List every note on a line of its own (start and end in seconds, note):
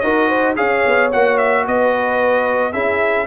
0.00 0.57 D#4
0.00 0.57 F#4
0.00 0.29 A#4
0.00 0.54 D#5
0.29 0.56 C5
0.57 0.84 C#4
0.57 1.11 G#4
0.57 1.66 C#5
0.57 1.11 F5
0.86 1.13 B3
1.13 1.68 A#3
1.13 2.73 F#4
1.13 1.38 F#5
1.38 1.65 E5
1.68 2.74 B3
1.68 2.74 B4
1.68 2.73 D#5
2.73 3.27 C#4
2.73 3.27 E4
2.73 3.27 G#4
2.73 3.27 E5